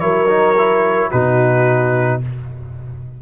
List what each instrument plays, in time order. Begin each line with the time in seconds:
0.00 tuba F#3, trombone E4, horn A#4, trumpet C#5
0.28 trombone D#4
0.58 trombone E4
1.11 tuba B2, trombone D#4, horn F#4, trumpet B4